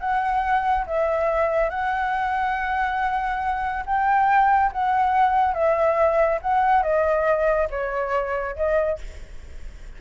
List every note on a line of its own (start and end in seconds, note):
0.00 0.86 F#5
0.87 1.70 E5
1.70 3.84 F#5
3.86 4.72 G5
4.73 5.54 F#5
5.54 6.40 E5
6.42 6.83 F#5
6.83 7.68 D#5
7.70 8.56 C#5
8.56 8.99 D#5